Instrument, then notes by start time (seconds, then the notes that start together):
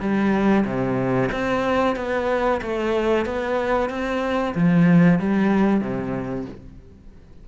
cello
0.00 G3
0.65 C3
1.31 C4
1.96 B3
2.62 A3
3.26 B3
3.90 C4
4.55 F3
5.19 G3
5.81 C3